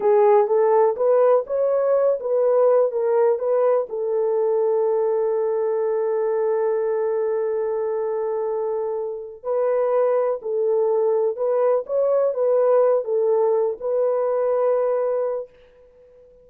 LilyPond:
\new Staff \with { instrumentName = "horn" } { \time 4/4 \tempo 4 = 124 gis'4 a'4 b'4 cis''4~ | cis''8 b'4. ais'4 b'4 | a'1~ | a'1~ |
a'2.~ a'8 b'8~ | b'4. a'2 b'8~ | b'8 cis''4 b'4. a'4~ | a'8 b'2.~ b'8 | }